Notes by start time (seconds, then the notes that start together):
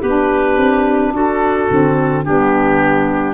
0.00 B3 D4 G4 B4
0.57 C4
1.10 D4 F#4 A4
1.69 D3 C4
2.24 G3 B3 D4 G4